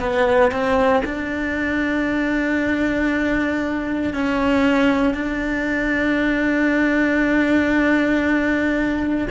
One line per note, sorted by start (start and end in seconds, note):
0.00 0.52 B3
0.52 1.03 C4
1.05 4.14 D4
4.14 5.14 C#4
5.14 9.28 D4